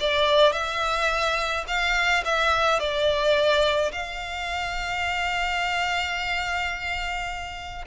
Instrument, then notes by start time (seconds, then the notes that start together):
violin
0.00 D5
0.52 E5
1.67 F5
2.25 E5
2.79 D5
3.92 F5